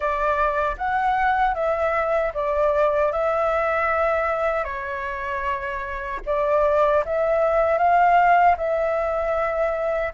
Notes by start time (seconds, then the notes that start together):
0.00 D5
0.77 F#5
1.54 E5
2.34 D5
3.12 E5
4.64 C#5
6.26 D5
7.05 E5
7.77 F5
8.57 E5